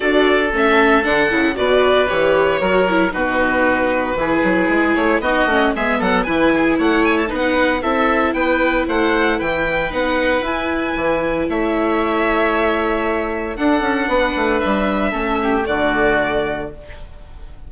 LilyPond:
<<
  \new Staff \with { instrumentName = "violin" } { \time 4/4 \tempo 4 = 115 d''4 e''4 fis''4 d''4 | cis''2 b'2~ | b'4. cis''8 dis''4 e''8 fis''8 | gis''4 fis''8 gis''16 a''16 fis''4 e''4 |
g''4 fis''4 g''4 fis''4 | gis''2 e''2~ | e''2 fis''2 | e''2 d''2 | }
  \new Staff \with { instrumentName = "oboe" } { \time 4/4 a'2. b'4~ | b'4 ais'4 fis'2 | gis'2 fis'4 gis'8 a'8 | b'8 gis'8 cis''4 b'4 a'4 |
b'4 c''4 b'2~ | b'2 cis''2~ | cis''2 a'4 b'4~ | b'4 a'8 g'8 fis'2 | }
  \new Staff \with { instrumentName = "viola" } { \time 4/4 fis'4 cis'4 d'8 e'8 fis'4 | g'4 fis'8 e'8 dis'2 | e'2 dis'8 cis'8 b4 | e'2 dis'4 e'4~ |
e'2. dis'4 | e'1~ | e'2 d'2~ | d'4 cis'4 a2 | }
  \new Staff \with { instrumentName = "bassoon" } { \time 4/4 d'4 a4 d8 cis8 b,4 | e4 fis4 b,2 | e8 fis8 gis8 a8 b8 a8 gis8 fis8 | e4 a4 b4 c'4 |
b4 a4 e4 b4 | e'4 e4 a2~ | a2 d'8 cis'8 b8 a8 | g4 a4 d2 | }
>>